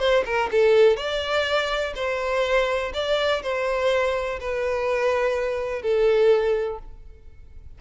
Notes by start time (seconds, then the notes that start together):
0.00 C5
0.26 A#4
0.52 A4
0.97 D5
1.96 C5
2.94 D5
3.43 C5
4.41 B4
5.82 A4